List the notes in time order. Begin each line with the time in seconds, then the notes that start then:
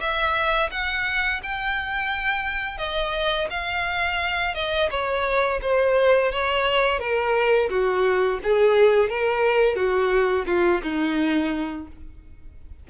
0.00 E5
0.71 F#5
1.43 G5
2.78 D#5
3.50 F5
4.55 D#5
4.91 C#5
5.62 C5
6.32 C#5
7.00 A#4
7.70 F#4
8.44 G#4
9.09 A#4
9.76 F#4
10.47 F4
10.83 D#4